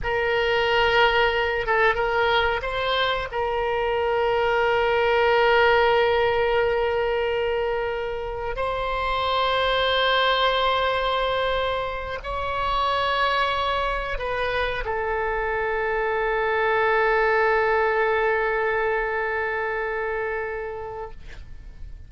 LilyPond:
\new Staff \with { instrumentName = "oboe" } { \time 4/4 \tempo 4 = 91 ais'2~ ais'8 a'8 ais'4 | c''4 ais'2.~ | ais'1~ | ais'4 c''2.~ |
c''2~ c''8 cis''4.~ | cis''4. b'4 a'4.~ | a'1~ | a'1 | }